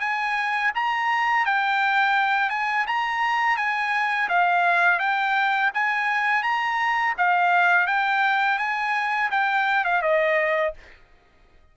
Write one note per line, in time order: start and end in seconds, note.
0.00 0.71 G#5
0.75 1.46 A#5
1.46 2.50 G5
2.50 2.85 G#5
2.87 3.57 A#5
3.57 4.28 G#5
4.29 4.99 F5
4.99 5.71 G5
5.74 6.43 G#5
6.43 7.14 A#5
7.18 7.87 F5
7.87 8.58 G5
8.58 9.30 G#5
9.31 9.84 G5
9.84 10.02 F5
10.02 10.73 D#5